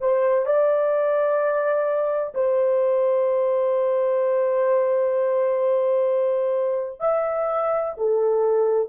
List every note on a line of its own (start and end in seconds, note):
0.00 0.45 C5
0.45 2.33 D5
2.34 6.99 C5
6.99 7.93 E5
7.97 8.88 A4